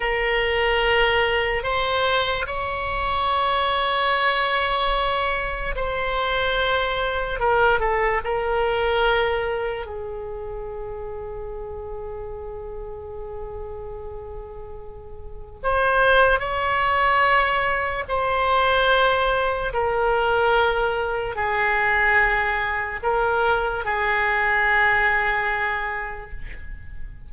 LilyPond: \new Staff \with { instrumentName = "oboe" } { \time 4/4 \tempo 4 = 73 ais'2 c''4 cis''4~ | cis''2. c''4~ | c''4 ais'8 a'8 ais'2 | gis'1~ |
gis'2. c''4 | cis''2 c''2 | ais'2 gis'2 | ais'4 gis'2. | }